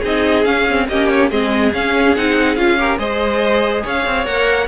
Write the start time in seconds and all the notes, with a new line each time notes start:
0.00 C4 D#4 G#4 D#5
0.45 C#4 F5
0.70 C4
0.89 A#3 C#4 G4 D#5
1.09 C#5
1.31 G#3 C4 G#4 D#5
1.74 C#4 F5
2.16 C4 D#4 F#5
2.56 C#4 F4 F5
2.79 G4 A#4
2.99 G#3 G#4 C5 D#5
3.84 C#4 C#5 F5
4.06 C4
4.26 A#3 A#4 F#5